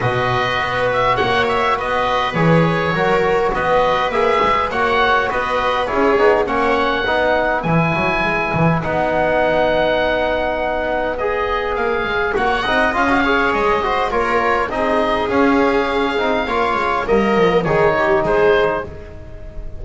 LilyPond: <<
  \new Staff \with { instrumentName = "oboe" } { \time 4/4 \tempo 4 = 102 dis''4. e''8 fis''8 e''8 dis''4 | cis''2 dis''4 e''4 | fis''4 dis''4 cis''4 fis''4~ | fis''4 gis''2 fis''4~ |
fis''2. dis''4 | f''4 fis''4 f''4 dis''4 | cis''4 dis''4 f''2~ | f''4 dis''4 cis''4 c''4 | }
  \new Staff \with { instrumentName = "viola" } { \time 4/4 b'2 cis''4 b'4~ | b'4 ais'4 b'2 | cis''4 b'4 gis'4 cis''4 | b'1~ |
b'1~ | b'4 cis''8 dis''4 cis''4 c''8 | ais'4 gis'2. | cis''4 ais'4 gis'8 g'8 gis'4 | }
  \new Staff \with { instrumentName = "trombone" } { \time 4/4 fis'1 | gis'4 fis'2 gis'4 | fis'2 e'8 dis'8 cis'4 | dis'4 e'2 dis'4~ |
dis'2. gis'4~ | gis'4 fis'8 dis'8 f'16 fis'16 gis'4 fis'8 | f'4 dis'4 cis'4. dis'8 | f'4 ais4 dis'2 | }
  \new Staff \with { instrumentName = "double bass" } { \time 4/4 b,4 b4 ais4 b4 | e4 fis4 b4 ais8 gis8 | ais4 b4 cis'8 b8 ais4 | b4 e8 fis8 gis8 e8 b4~ |
b1 | ais8 gis8 ais8 c'8 cis'4 gis4 | ais4 c'4 cis'4. c'8 | ais8 gis8 g8 f8 dis4 gis4 | }
>>